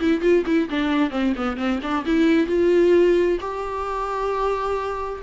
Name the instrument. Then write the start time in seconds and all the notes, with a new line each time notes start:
viola
0.00 E4
0.21 F4
0.46 E4
0.70 D4
1.11 C4
1.36 B3
1.57 C4
1.82 D4
2.06 E4
2.47 F4
3.40 G4